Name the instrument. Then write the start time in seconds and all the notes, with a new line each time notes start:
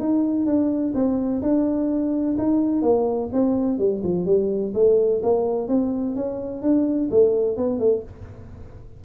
tuba
0.00 D#4
0.46 D4
0.95 C4
1.42 D4
2.38 D#4
2.83 A#3
3.33 C4
3.79 G3
4.04 F3
4.26 G3
4.75 A3
5.23 A#3
5.69 C4
6.16 C#4
6.63 D4
7.11 A3
7.57 B3
7.80 A3